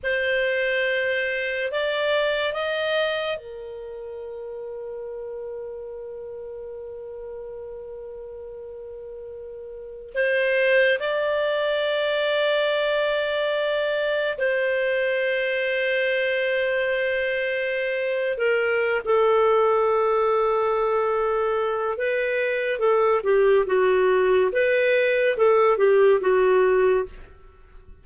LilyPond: \new Staff \with { instrumentName = "clarinet" } { \time 4/4 \tempo 4 = 71 c''2 d''4 dis''4 | ais'1~ | ais'1 | c''4 d''2.~ |
d''4 c''2.~ | c''4.~ c''16 ais'8. a'4.~ | a'2 b'4 a'8 g'8 | fis'4 b'4 a'8 g'8 fis'4 | }